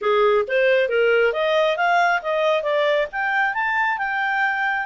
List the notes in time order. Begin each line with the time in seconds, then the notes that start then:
0.01 G#4
0.47 C5
0.88 A#4
1.32 D#5
1.76 F5
2.22 D#5
2.62 D5
3.12 G5
3.54 A5
3.97 G5